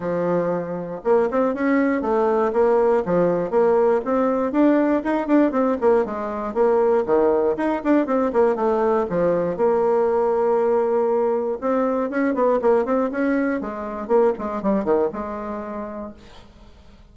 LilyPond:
\new Staff \with { instrumentName = "bassoon" } { \time 4/4 \tempo 4 = 119 f2 ais8 c'8 cis'4 | a4 ais4 f4 ais4 | c'4 d'4 dis'8 d'8 c'8 ais8 | gis4 ais4 dis4 dis'8 d'8 |
c'8 ais8 a4 f4 ais4~ | ais2. c'4 | cis'8 b8 ais8 c'8 cis'4 gis4 | ais8 gis8 g8 dis8 gis2 | }